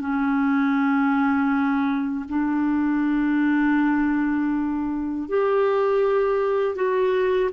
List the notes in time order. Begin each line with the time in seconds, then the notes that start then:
0.00 C#4
2.28 D4
5.28 G4
6.75 F#4